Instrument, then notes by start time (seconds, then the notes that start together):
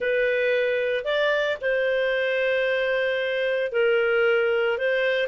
clarinet
0.00 B4
1.04 D5
1.61 C5
3.72 A#4
4.77 C5